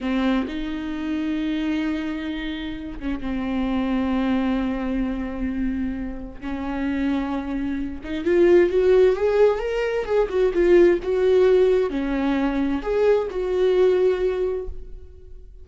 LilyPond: \new Staff \with { instrumentName = "viola" } { \time 4/4 \tempo 4 = 131 c'4 dis'2.~ | dis'2~ dis'8 cis'8 c'4~ | c'1~ | c'2 cis'2~ |
cis'4. dis'8 f'4 fis'4 | gis'4 ais'4 gis'8 fis'8 f'4 | fis'2 cis'2 | gis'4 fis'2. | }